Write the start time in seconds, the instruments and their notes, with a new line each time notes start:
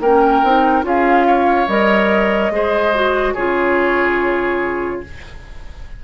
0.00 bassoon A#3, clarinet C#4, oboe A#4, flute G5
0.44 bassoon C4, clarinet D#4
0.84 bassoon C#4, clarinet F4, oboe G#4, flute F5
1.27 oboe C#5
1.68 bassoon G3, clarinet A#4, flute D#5
2.51 bassoon G#3, clarinet G#4, oboe C5
2.94 clarinet F#4
3.34 bassoon C#3, clarinet F4, oboe G#4, flute C#5